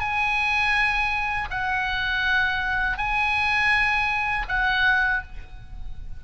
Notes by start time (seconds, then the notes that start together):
0.00 G#5
1.50 F#5
2.98 G#5
4.48 F#5